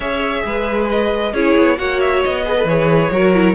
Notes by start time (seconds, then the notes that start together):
0.00 C#4 G#4 C#5 E5
0.44 G#3 B4
0.89 D#5
1.32 C#4 E4 G#4 C#5
1.57 B3
1.77 A#3 F#4 C#5 F#5
2.00 E5
2.23 B3 D#5
2.44 G#4 B4
2.56 A4
2.64 E3 G#4 C#5
3.11 F#3 F#4 A#4
3.34 E4